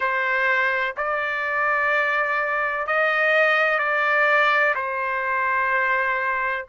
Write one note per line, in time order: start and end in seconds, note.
0.00 0.94 C5
0.96 2.86 D5
2.86 3.78 D#5
3.78 4.74 D5
4.75 6.65 C5